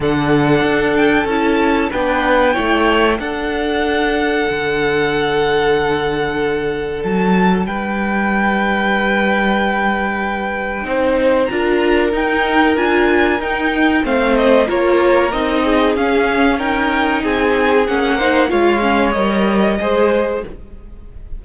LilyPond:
<<
  \new Staff \with { instrumentName = "violin" } { \time 4/4 \tempo 4 = 94 fis''4. g''8 a''4 g''4~ | g''4 fis''2.~ | fis''2. a''4 | g''1~ |
g''2 ais''4 g''4 | gis''4 g''4 f''8 dis''8 cis''4 | dis''4 f''4 g''4 gis''4 | fis''4 f''4 dis''2 | }
  \new Staff \with { instrumentName = "violin" } { \time 4/4 a'2. b'4 | cis''4 a'2.~ | a'1 | b'1~ |
b'4 c''4 ais'2~ | ais'2 c''4 ais'4~ | ais'8 gis'4. ais'4 gis'4~ | gis'8 c''8 cis''2 c''4 | }
  \new Staff \with { instrumentName = "viola" } { \time 4/4 d'2 e'4 d'4 | e'4 d'2.~ | d'1~ | d'1~ |
d'4 dis'4 f'4 dis'4 | f'4 dis'4 c'4 f'4 | dis'4 cis'4 dis'2 | cis'8 dis'8 f'8 cis'8 ais'4 gis'4 | }
  \new Staff \with { instrumentName = "cello" } { \time 4/4 d4 d'4 cis'4 b4 | a4 d'2 d4~ | d2. fis4 | g1~ |
g4 c'4 d'4 dis'4 | d'4 dis'4 a4 ais4 | c'4 cis'2 c'4 | ais4 gis4 g4 gis4 | }
>>